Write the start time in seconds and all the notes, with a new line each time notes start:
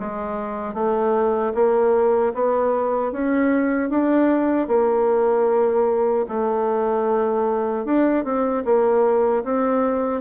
0.00 G#3
0.74 A3
1.55 A#3
2.34 B3
3.12 C#4
3.90 D4
4.68 A#3
6.29 A3
7.86 D4
8.25 C4
8.65 A#3
9.44 C4